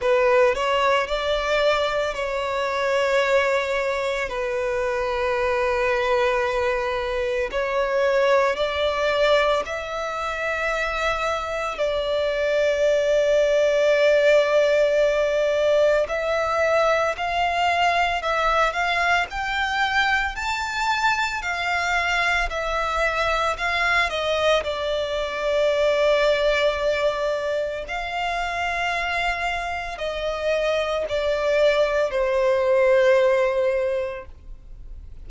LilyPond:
\new Staff \with { instrumentName = "violin" } { \time 4/4 \tempo 4 = 56 b'8 cis''8 d''4 cis''2 | b'2. cis''4 | d''4 e''2 d''4~ | d''2. e''4 |
f''4 e''8 f''8 g''4 a''4 | f''4 e''4 f''8 dis''8 d''4~ | d''2 f''2 | dis''4 d''4 c''2 | }